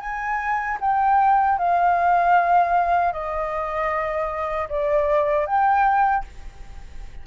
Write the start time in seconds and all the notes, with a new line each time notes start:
0.00 G#5
0.81 G5
1.58 F5
3.12 D#5
4.69 D5
5.46 G5